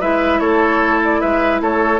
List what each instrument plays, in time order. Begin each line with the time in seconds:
0.00 bassoon G#3, clarinet E4, oboe B4, flute E5
0.39 bassoon A3, oboe A4, flute C#5
1.04 flute D5
1.20 bassoon G#3, oboe B4, flute E5
1.60 bassoon A3, oboe A4, flute C#5